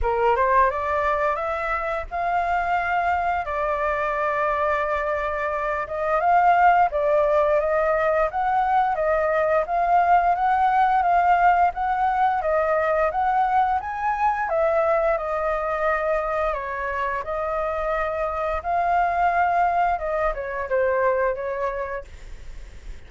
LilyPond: \new Staff \with { instrumentName = "flute" } { \time 4/4 \tempo 4 = 87 ais'8 c''8 d''4 e''4 f''4~ | f''4 d''2.~ | d''8 dis''8 f''4 d''4 dis''4 | fis''4 dis''4 f''4 fis''4 |
f''4 fis''4 dis''4 fis''4 | gis''4 e''4 dis''2 | cis''4 dis''2 f''4~ | f''4 dis''8 cis''8 c''4 cis''4 | }